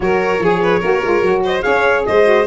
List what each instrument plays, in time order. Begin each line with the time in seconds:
0.00 tuba F#3, saxophone F#4, violin A#4, trumpet C#5
0.39 tuba F3, saxophone G#4, violin G#4
0.62 violin B4
0.79 tuba A#3, saxophone F#4, violin A#4
1.03 tuba G#3, saxophone F4
1.21 tuba F#3, saxophone F#4
1.44 violin C5, trumpet D#5
1.61 tuba C#4, saxophone G#4, violin C#5, trumpet F5
2.06 tuba G#3, violin C5, trumpet D#5
2.24 saxophone F#4